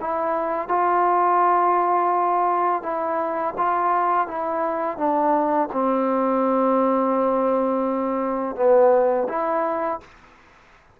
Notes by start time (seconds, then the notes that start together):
0.00 E4
0.68 F4
2.82 E4
3.57 F4
4.27 E4
4.97 D4
5.72 C4
8.56 B3
9.28 E4